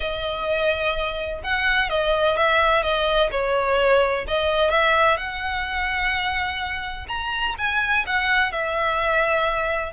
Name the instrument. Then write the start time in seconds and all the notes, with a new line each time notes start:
violin
0.00 D#5
1.43 F#5
1.89 D#5
2.36 E5
2.82 D#5
3.31 C#5
4.27 D#5
4.70 E5
5.17 F#5
7.08 A#5
7.58 G#5
8.06 F#5
8.52 E5